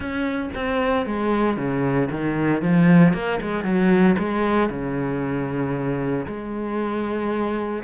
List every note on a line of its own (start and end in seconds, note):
0.00 0.49 C#4
0.54 1.06 C4
1.06 1.57 G#3
1.57 2.09 C#3
2.11 2.61 D#3
2.61 3.13 F3
3.13 3.39 A#3
3.41 3.64 G#3
3.64 4.16 F#3
4.18 4.69 G#3
4.69 6.26 C#3
6.26 7.83 G#3